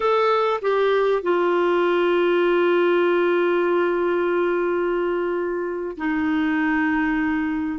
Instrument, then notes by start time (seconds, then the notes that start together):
clarinet
0.00 A4
0.61 G4
1.22 F4
5.97 D#4